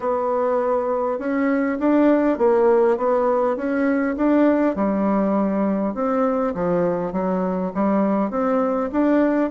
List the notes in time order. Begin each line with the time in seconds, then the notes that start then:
0.00 B3
1.19 C#4
1.79 D4
2.38 A#3
2.97 B3
3.56 C#4
4.16 D4
4.75 G3
5.94 C4
6.54 F3
7.12 F#3
7.74 G3
8.30 C4
8.92 D4